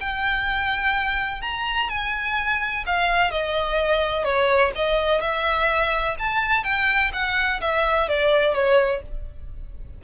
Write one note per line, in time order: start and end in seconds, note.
0.00 1.41 G5
1.41 1.89 A#5
1.89 2.84 G#5
2.86 3.31 F5
3.31 4.24 D#5
4.24 4.72 C#5
4.75 5.21 D#5
5.21 6.16 E5
6.19 6.64 A5
6.64 7.11 G5
7.13 7.61 F#5
7.61 8.08 E5
8.09 8.54 D5
8.54 9.02 C#5